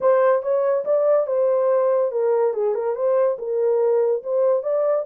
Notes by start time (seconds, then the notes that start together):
0.01 C5
0.42 C#5
0.84 D5
1.27 C5
2.11 A#4
2.53 G#4
2.74 A#4
2.95 C5
3.38 A#4
4.23 C5
4.62 D5